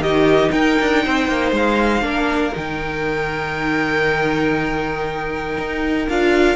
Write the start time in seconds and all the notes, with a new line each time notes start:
0.00 D#3 D#4 G4 D#5
0.52 D#4 A#4 G5
0.81 D4
1.04 C4 C5
1.29 A#3
1.52 G#3 F5
2.02 A#3 D4 A#4
2.54 D#3 D#4 G5
5.58 D#4
6.09 D4 F4 F5